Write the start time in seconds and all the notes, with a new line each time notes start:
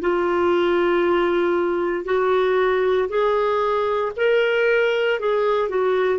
0.00 F4
2.05 F#4
3.08 G#4
4.16 A#4
5.19 G#4
5.68 F#4